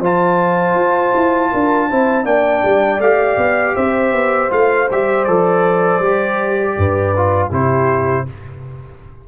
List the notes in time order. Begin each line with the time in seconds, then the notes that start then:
0.00 F3 F4 C5 A5
0.75 F4
1.15 E4
1.51 D4 A#4
1.89 C4 E4 C5
2.24 A#3 D4 D5 G5
2.65 G3
3.00 A3 G4 F5
3.38 B3
3.76 C4 C5 E5
4.12 B3
4.50 A3 F4 F5
4.91 G3 G4 E5
5.25 F3 A4 D5
6.00 G3 G4
6.77 G2 B4
7.17 F4
7.50 C3 E4 G4 C5